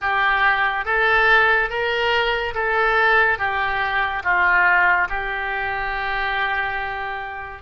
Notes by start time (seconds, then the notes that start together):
0.01 G4
0.85 A4
1.69 A#4
2.54 A4
3.38 G4
4.23 F4
5.09 G4